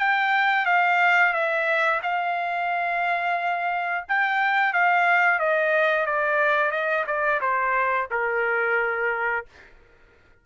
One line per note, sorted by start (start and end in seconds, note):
0.00 0.66 G5
0.66 1.33 F5
1.33 2.00 E5
2.03 4.05 F5
4.08 4.73 G5
4.73 5.39 F5
5.39 6.06 D#5
6.06 6.71 D5
6.71 7.05 D#5
7.07 7.41 D5
7.41 8.08 C5
8.11 9.46 A#4